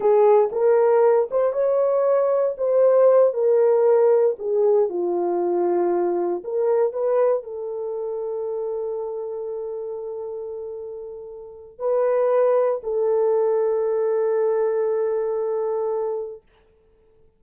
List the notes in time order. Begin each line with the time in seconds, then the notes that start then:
0.00 G#4
0.52 A#4
1.30 C5
1.52 C#5
2.57 C5
3.33 A#4
4.38 G#4
4.89 F4
6.44 A#4
6.93 B4
7.43 A4
11.78 B4
12.83 A4